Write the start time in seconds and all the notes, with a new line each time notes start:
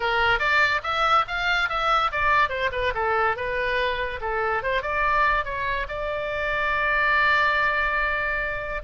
0.00 A#4
0.39 D5
0.83 E5
1.27 F5
1.69 E5
2.11 D5
2.49 C5
2.72 B4
2.94 A4
3.36 B4
4.20 A4
4.62 C5
4.82 D5
5.44 C#5
5.88 D5